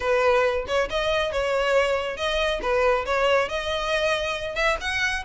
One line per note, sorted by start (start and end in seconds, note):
0.00 0.65 B4
0.67 0.89 C#5
0.90 1.32 D#5
1.32 2.16 C#5
2.16 2.60 D#5
2.61 3.05 B4
3.05 3.49 C#5
3.49 4.55 D#5
4.55 4.76 E5
4.80 5.24 F#5